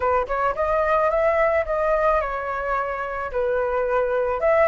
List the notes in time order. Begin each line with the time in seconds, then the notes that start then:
0.00 B4
0.27 C#5
0.55 D#5
1.10 E5
1.65 D#5
2.20 C#5
3.31 B4
4.40 E5